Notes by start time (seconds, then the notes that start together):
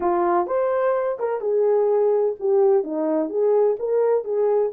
0.00 F4
0.47 C5
1.19 A#4
1.40 G#4
2.39 G4
2.83 D#4
3.29 G#4
3.79 A#4
4.24 G#4